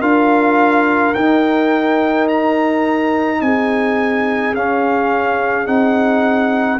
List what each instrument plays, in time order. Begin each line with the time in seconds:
0.00 tuba D4, trombone F4, horn A#4, trumpet F5
1.15 tuba D#4, trombone D#4, trumpet G5
2.29 trumpet A#5
3.42 tuba C4, horn G#4, trumpet G#5
4.54 tuba C#4, trombone C#4, trumpet F5
5.66 tuba C4, trombone D#4, trumpet F#5